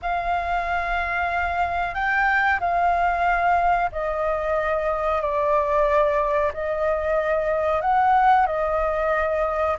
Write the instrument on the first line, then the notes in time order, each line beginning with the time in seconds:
flute
0.02 F5
1.94 G5
2.59 F5
3.92 D#5
5.21 D5
6.53 D#5
7.81 F#5
8.46 D#5